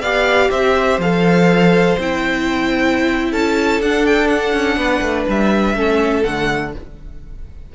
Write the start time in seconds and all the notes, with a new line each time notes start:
0.00 B3 G4 D5 F5
0.50 C4 C5 E5
0.98 F3 A4 F5
1.99 C4 E4 G5
3.31 C#4 A4 A5
3.80 D4 F#5
4.06 G5
4.28 F#5
4.53 C#4
4.76 B3 B4
5.01 A3
5.28 G3 E5
5.74 A3 C#4 A4
6.24 D3 A3 F#5